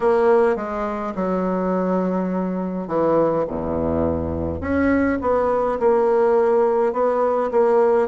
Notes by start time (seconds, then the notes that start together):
0.00 A#3
0.56 G#3
1.15 F#3
2.87 E3
3.47 E2
4.60 C#4
5.21 B3
5.80 A#3
6.92 B3
7.51 A#3